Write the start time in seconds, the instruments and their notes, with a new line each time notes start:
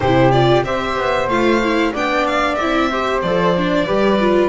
0.00 double bass C3, viola E4, flute G4, violin C5
0.31 viola F4, violin D5
0.63 double bass C4, viola G4, flute C5, violin E5
0.96 double bass B3
1.28 double bass A3, viola F4, violin F5
1.62 viola E4
1.92 double bass B3, viola D4, flute D5, violin G5
2.26 violin F5
2.54 double bass C4, viola E4, violin E5
2.90 viola G4, flute C5
3.22 double bass F3, viola A4, violin D5
3.56 viola D4
3.85 double bass G3, viola G4, flute B4
4.20 viola F4